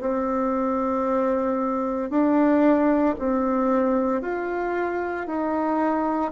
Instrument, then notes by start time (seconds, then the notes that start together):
bassoon
0.00 C4
2.10 D4
3.19 C4
4.22 F4
5.27 D#4